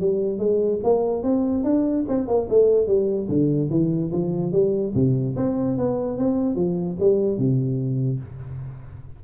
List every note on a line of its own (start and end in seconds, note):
0.00 0.38 G3
0.38 0.79 G#3
0.83 1.23 A#3
1.23 1.63 C4
1.63 2.05 D4
2.08 2.27 C4
2.27 2.48 A#3
2.49 2.87 A3
2.87 3.28 G3
3.28 3.69 D3
3.70 4.11 E3
4.12 4.52 F3
4.52 4.93 G3
4.94 5.35 C3
5.36 5.77 C4
5.77 6.18 B3
6.18 6.55 C4
6.55 6.96 F3
6.99 7.37 G3
7.37 8.19 C3